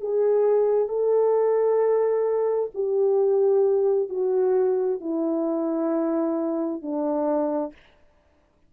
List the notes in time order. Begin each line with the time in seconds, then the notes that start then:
0.00 G#4
0.88 A4
2.74 G4
4.09 F#4
5.00 E4
6.81 D4